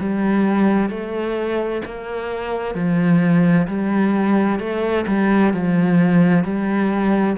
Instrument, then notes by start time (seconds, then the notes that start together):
cello
0.00 G3
0.90 A3
1.85 A#3
2.75 F3
3.68 G3
4.59 A3
5.07 G3
5.54 F3
6.44 G3